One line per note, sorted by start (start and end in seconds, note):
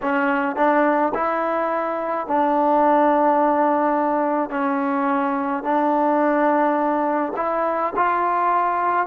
0.02 0.56 C#4
0.56 1.12 D4
1.14 2.26 E4
2.26 4.50 D4
4.50 5.63 C#4
5.63 7.33 D4
7.36 7.92 E4
7.96 9.06 F4